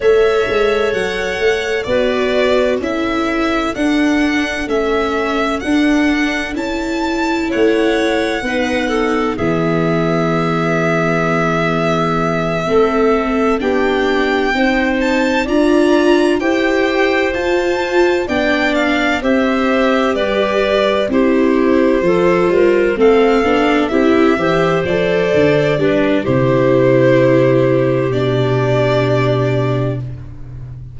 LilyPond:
<<
  \new Staff \with { instrumentName = "violin" } { \time 4/4 \tempo 4 = 64 e''4 fis''4 d''4 e''4 | fis''4 e''4 fis''4 a''4 | fis''2 e''2~ | e''2~ e''8 g''4. |
a''8 ais''4 g''4 a''4 g''8 | f''8 e''4 d''4 c''4.~ | c''8 f''4 e''4 d''4. | c''2 d''2 | }
  \new Staff \with { instrumentName = "clarinet" } { \time 4/4 cis''2 b'4 a'4~ | a'1 | cis''4 b'8 a'8 gis'2~ | gis'4. a'4 g'4 c''8~ |
c''8 d''4 c''2 d''8~ | d''8 c''4 b'4 g'4 a'8 | ais'8 a'4 g'8 c''4. b'8 | g'1 | }
  \new Staff \with { instrumentName = "viola" } { \time 4/4 a'2 fis'4 e'4 | d'4 cis'4 d'4 e'4~ | e'4 dis'4 b2~ | b4. c'4 d'4 dis'8~ |
dis'8 f'4 g'4 f'4 d'8~ | d'8 g'2 e'4 f'8~ | f'8 c'8 d'8 e'8 g'8 a'4 d'8 | e'2 d'2 | }
  \new Staff \with { instrumentName = "tuba" } { \time 4/4 a8 gis8 fis8 a8 b4 cis'4 | d'4 a4 d'4 cis'4 | a4 b4 e2~ | e4. a4 b4 c'8~ |
c'8 d'4 e'4 f'4 b8~ | b8 c'4 g4 c'4 f8 | g8 a8 b8 c'8 e8 f8 d8 g8 | c2 b,2 | }
>>